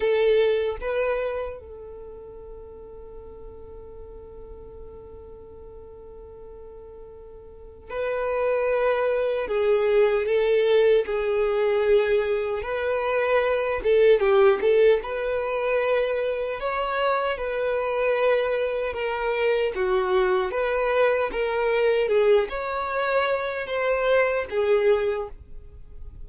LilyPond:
\new Staff \with { instrumentName = "violin" } { \time 4/4 \tempo 4 = 76 a'4 b'4 a'2~ | a'1~ | a'2 b'2 | gis'4 a'4 gis'2 |
b'4. a'8 g'8 a'8 b'4~ | b'4 cis''4 b'2 | ais'4 fis'4 b'4 ais'4 | gis'8 cis''4. c''4 gis'4 | }